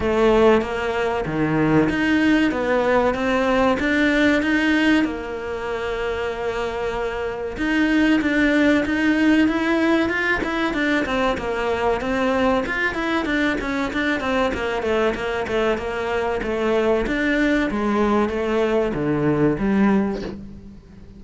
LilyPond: \new Staff \with { instrumentName = "cello" } { \time 4/4 \tempo 4 = 95 a4 ais4 dis4 dis'4 | b4 c'4 d'4 dis'4 | ais1 | dis'4 d'4 dis'4 e'4 |
f'8 e'8 d'8 c'8 ais4 c'4 | f'8 e'8 d'8 cis'8 d'8 c'8 ais8 a8 | ais8 a8 ais4 a4 d'4 | gis4 a4 d4 g4 | }